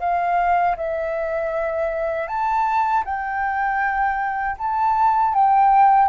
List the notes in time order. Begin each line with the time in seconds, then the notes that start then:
0.00 F5
0.77 E5
2.28 A5
3.05 G5
4.59 A5
5.34 G5